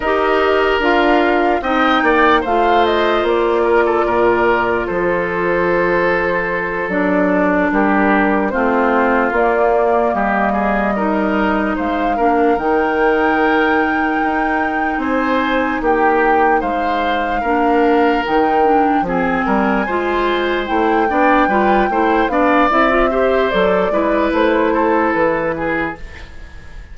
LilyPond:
<<
  \new Staff \with { instrumentName = "flute" } { \time 4/4 \tempo 4 = 74 dis''4 f''4 g''4 f''8 dis''8 | d''2 c''2~ | c''8 d''4 ais'4 c''4 d''8~ | d''8 dis''2 f''4 g''8~ |
g''2~ g''8 gis''4 g''8~ | g''8 f''2 g''4 gis''8~ | gis''4. g''2 f''8 | e''4 d''4 c''4 b'4 | }
  \new Staff \with { instrumentName = "oboe" } { \time 4/4 ais'2 dis''8 d''8 c''4~ | c''8 ais'16 a'16 ais'4 a'2~ | a'4. g'4 f'4.~ | f'8 g'8 gis'8 ais'4 c''8 ais'4~ |
ais'2~ ais'8 c''4 g'8~ | g'8 c''4 ais'2 gis'8 | ais'8 c''4. d''8 b'8 c''8 d''8~ | d''8 c''4 b'4 a'4 gis'8 | }
  \new Staff \with { instrumentName = "clarinet" } { \time 4/4 g'4 f'4 dis'4 f'4~ | f'1~ | f'8 d'2 c'4 ais8~ | ais4. dis'4. d'8 dis'8~ |
dis'1~ | dis'4. d'4 dis'8 d'8 c'8~ | c'8 f'4 e'8 d'8 f'8 e'8 d'8 | e'16 f'16 g'8 a'8 e'2~ e'8 | }
  \new Staff \with { instrumentName = "bassoon" } { \time 4/4 dis'4 d'4 c'8 ais8 a4 | ais4 ais,4 f2~ | f8 fis4 g4 a4 ais8~ | ais8 g2 gis8 ais8 dis8~ |
dis4. dis'4 c'4 ais8~ | ais8 gis4 ais4 dis4 f8 | g8 gis4 a8 b8 g8 a8 b8 | c'4 fis8 gis8 a4 e4 | }
>>